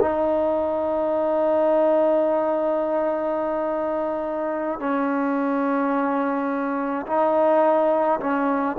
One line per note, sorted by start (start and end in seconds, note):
0.00 4.80 D#4
4.80 7.06 C#4
7.07 8.20 D#4
8.20 8.76 C#4